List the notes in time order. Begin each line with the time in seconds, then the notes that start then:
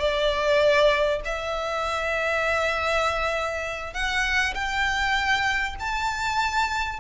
0.00 D5
1.25 E5
3.94 F#5
4.55 G5
5.80 A5